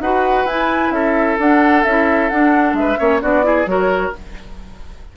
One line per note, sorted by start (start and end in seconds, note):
0.00 0.45 D#4
0.00 0.48 F#4
0.00 0.94 B4
0.00 0.47 F#5
0.45 0.91 E4
0.45 1.40 E4
0.45 0.92 G#5
0.91 1.37 C#4
0.91 2.77 A4
0.91 1.37 E5
1.39 1.85 D4
1.39 1.87 D4
1.39 1.84 F#5
1.84 2.31 C#4
1.84 2.31 E4
1.84 2.29 E5
2.29 2.73 D4
2.29 2.98 D4
2.29 2.75 F#5
2.73 2.96 G#3
2.73 3.21 E5
2.80 2.99 B4
2.98 3.22 A#3
2.98 3.21 C#4
2.98 3.22 C#5
3.21 3.66 B3
3.21 3.43 D4
3.21 3.45 F#4
3.21 3.67 D5
3.43 3.66 E4
3.43 3.70 G#4
3.66 4.12 F#3
3.66 4.13 F#4
3.66 4.17 A#4
3.66 4.13 C#5